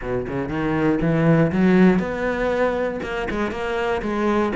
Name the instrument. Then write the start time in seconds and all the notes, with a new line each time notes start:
cello
0.01 B2
0.28 C#3
0.48 D#3
1.01 E3
1.52 F#3
1.99 B3
3.03 A#3
3.30 G#3
3.51 A#3
4.02 G#3